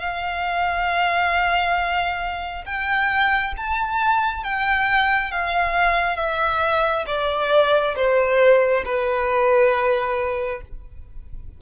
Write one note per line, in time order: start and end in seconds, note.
0.00 2.65 F5
2.66 3.54 G5
3.57 4.44 A5
4.44 5.32 G5
5.32 6.16 F5
6.16 7.05 E5
7.07 7.95 D5
7.96 8.84 C5
8.85 10.62 B4